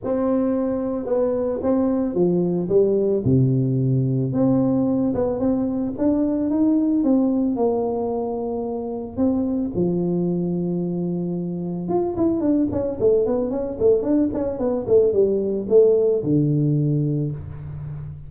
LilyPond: \new Staff \with { instrumentName = "tuba" } { \time 4/4 \tempo 4 = 111 c'2 b4 c'4 | f4 g4 c2 | c'4. b8 c'4 d'4 | dis'4 c'4 ais2~ |
ais4 c'4 f2~ | f2 f'8 e'8 d'8 cis'8 | a8 b8 cis'8 a8 d'8 cis'8 b8 a8 | g4 a4 d2 | }